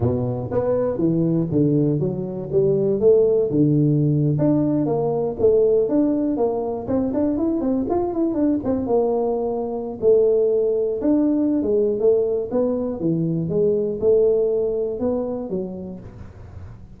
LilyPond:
\new Staff \with { instrumentName = "tuba" } { \time 4/4 \tempo 4 = 120 b,4 b4 e4 d4 | fis4 g4 a4 d4~ | d8. d'4 ais4 a4 d'16~ | d'8. ais4 c'8 d'8 e'8 c'8 f'16~ |
f'16 e'8 d'8 c'8 ais2~ ais16 | a2 d'4~ d'16 gis8. | a4 b4 e4 gis4 | a2 b4 fis4 | }